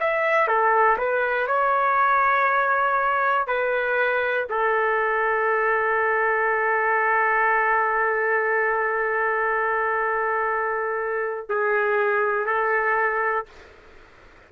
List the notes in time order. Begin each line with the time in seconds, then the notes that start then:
0.00 E5
0.48 A4
0.98 B4
1.47 C#5
3.47 B4
4.49 A4
11.49 G#4
12.46 A4